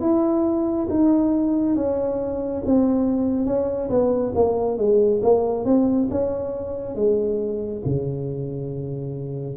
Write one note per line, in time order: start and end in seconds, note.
0.00 0.87 E4
0.89 1.75 D#4
1.75 2.62 C#4
2.65 3.45 C4
3.45 3.89 C#4
3.89 4.32 B3
4.34 4.77 A#3
4.77 5.21 G#3
5.22 5.64 A#3
5.64 6.08 C4
6.10 6.95 C#4
6.95 7.82 G#3
7.85 9.56 C#3